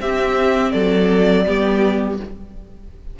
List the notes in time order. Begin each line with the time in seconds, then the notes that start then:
0.00 C4 G4 E5
0.72 F#3 A4 D5
1.47 G3 B3 G4